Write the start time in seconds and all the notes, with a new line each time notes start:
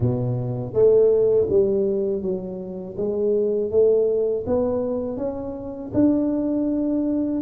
0.00 B2
0.73 A3
1.49 G3
2.22 F#3
2.97 G#3
3.70 A3
4.46 B3
5.17 C#4
5.93 D4